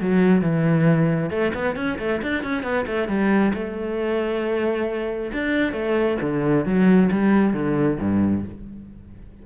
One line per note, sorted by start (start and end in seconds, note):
0.00 0.41 F#3
0.41 1.30 E3
1.30 1.52 A3
1.54 1.75 B3
1.75 1.98 C#4
1.98 2.21 A3
2.22 2.43 D4
2.43 2.63 C#4
2.63 2.85 B3
2.86 3.08 A3
3.08 3.52 G3
3.54 5.32 A3
5.33 5.72 D4
5.72 6.17 A3
6.21 6.65 D3
6.65 7.09 F#3
7.11 7.53 G3
7.53 7.98 D3
8.00 8.44 G2